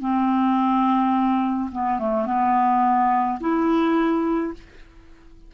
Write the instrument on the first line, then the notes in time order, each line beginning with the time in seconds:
clarinet
0.00 C4
1.71 B3
1.99 A3
2.26 B3
3.40 E4